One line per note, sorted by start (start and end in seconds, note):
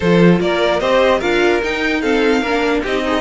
0.00 0.40 F3
0.00 0.80 F4
0.00 0.41 A4
0.00 0.40 C5
0.40 0.80 A#3
0.40 0.80 A#4
0.40 0.80 D5
0.80 1.21 C4
0.80 1.21 G4
0.80 1.18 C5
0.80 1.20 D#5
1.18 1.62 D4
1.18 1.61 F4
1.18 1.99 A#4
1.18 1.61 F5
1.62 2.42 D#4
1.62 2.02 D#4
1.62 2.01 G5
2.01 2.43 C4
2.01 2.40 A4
2.01 2.82 F5
2.40 2.82 A#3
2.40 2.86 D4
2.40 2.81 A#4
2.82 3.20 C4
2.82 3.06 D#4
2.82 3.02 G4
2.82 3.20 D#5
3.03 3.20 D#4
3.03 3.20 G#4